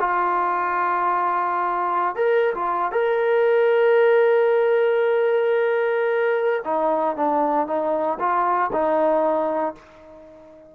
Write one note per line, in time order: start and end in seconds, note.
0.00 2.16 F4
2.16 2.54 A#4
2.55 2.92 F4
2.92 6.64 A#4
6.65 7.16 D#4
7.16 7.67 D4
7.67 8.19 D#4
8.20 8.71 F4
8.73 9.76 D#4